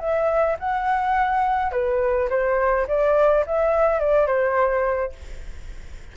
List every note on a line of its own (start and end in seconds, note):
0.00 0.57 E5
0.60 1.72 F#5
1.72 2.29 B4
2.30 2.87 C5
2.88 3.45 D5
3.47 4.00 E5
4.00 4.27 D5
4.27 5.13 C5